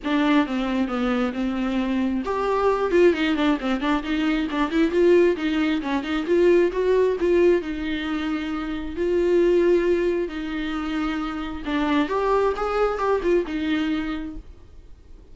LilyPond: \new Staff \with { instrumentName = "viola" } { \time 4/4 \tempo 4 = 134 d'4 c'4 b4 c'4~ | c'4 g'4. f'8 dis'8 d'8 | c'8 d'8 dis'4 d'8 e'8 f'4 | dis'4 cis'8 dis'8 f'4 fis'4 |
f'4 dis'2. | f'2. dis'4~ | dis'2 d'4 g'4 | gis'4 g'8 f'8 dis'2 | }